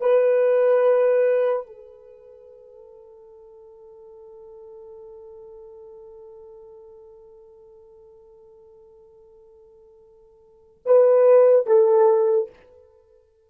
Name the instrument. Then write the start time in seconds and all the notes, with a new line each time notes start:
horn
0.00 B4
1.66 A4
10.86 B4
11.66 A4